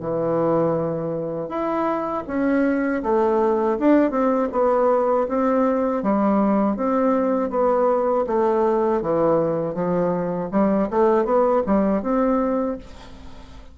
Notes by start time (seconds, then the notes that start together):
0.00 E3
1.49 E4
2.27 C#4
3.03 A3
3.79 D4
4.11 C4
4.52 B3
5.28 C4
6.03 G3
6.76 C4
7.50 B3
8.27 A3
9.02 E3
9.75 F3
10.51 G3
10.90 A3
11.25 B3
11.66 G3
12.02 C4